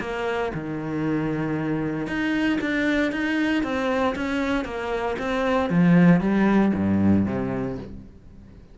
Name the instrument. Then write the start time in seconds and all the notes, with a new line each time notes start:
cello
0.00 A#3
0.54 D#3
2.07 D#4
2.61 D4
3.12 D#4
3.63 C4
4.15 C#4
4.65 A#3
5.18 C4
5.70 F3
6.20 G3
6.74 G2
7.26 C3